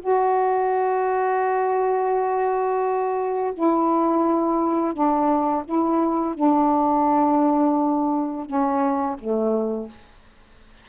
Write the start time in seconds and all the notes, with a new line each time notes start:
0.00 F#4
3.54 E4
4.93 D4
5.64 E4
6.34 D4
8.45 C#4
9.18 A3